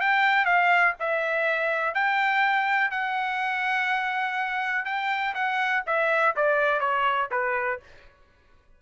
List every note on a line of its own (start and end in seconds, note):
0.00 0.45 G5
0.45 0.94 F5
0.99 1.94 E5
1.94 2.91 G5
2.91 4.85 F#5
4.85 5.34 G5
5.34 5.83 F#5
5.86 6.35 E5
6.36 6.80 D5
6.80 7.29 C#5
7.31 7.80 B4